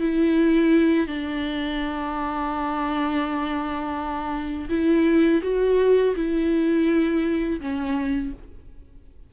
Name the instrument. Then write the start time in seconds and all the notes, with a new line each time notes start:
viola
0.00 E4
1.07 D4
4.69 E4
5.42 F#4
6.15 E4
7.60 C#4